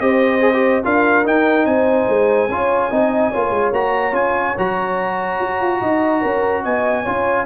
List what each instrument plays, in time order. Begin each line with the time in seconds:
0.00 tuba C4, trombone G4, horn C5, trumpet D#5
0.40 trombone G#4
0.53 trombone G4
0.84 tuba D4, trombone F4, horn A#4, trumpet F5
1.25 trombone D#4, tuba D#4, trumpet G5
1.66 tuba C4, horn C5, trumpet G#5
2.08 tuba G#3
2.48 tuba C#4, trombone F4, horn C#5
2.90 tuba C4, trombone D#4, horn D#5
3.31 tuba A#3, trombone F4, horn C#5
3.50 tuba G#3
3.72 tuba A#3, trombone F#4, trumpet A#5
4.12 tuba C#4, trombone F4, trumpet G#5
4.58 tuba F#3, trombone F#4, trumpet A#5
5.40 tuba F#4
5.61 tuba F4
5.81 tuba D#4, horn D#5
6.21 tuba C#4, horn A#4
6.63 tuba B3, horn D#5, trumpet G#5
7.02 tuba C#4, trombone F4, horn C#5